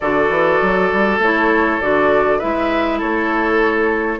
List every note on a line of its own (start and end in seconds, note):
0.00 0.29 D3
0.00 1.21 F#4
0.00 2.38 A4
0.00 1.20 D5
0.29 0.59 E3
0.61 0.91 F#3
0.92 1.18 G3
1.18 1.78 A3
1.18 1.81 E4
1.18 1.81 C#5
1.81 2.41 D3
1.81 2.40 F#4
1.81 2.39 D5
2.38 3.02 G#3
2.38 4.19 E4
2.38 2.98 B4
2.38 2.99 E5
2.98 4.19 A3
2.98 4.18 A4
2.98 4.19 C#5